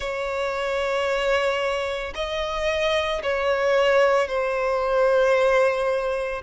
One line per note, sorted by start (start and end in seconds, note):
0.00 2.13 C#5
2.14 3.21 D#5
3.22 4.28 C#5
4.28 6.42 C5